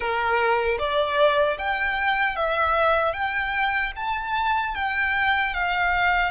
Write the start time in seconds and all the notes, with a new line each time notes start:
0.00 A#4
0.78 D5
1.58 G5
2.36 E5
3.13 G5
3.95 A5
4.74 G5
5.54 F5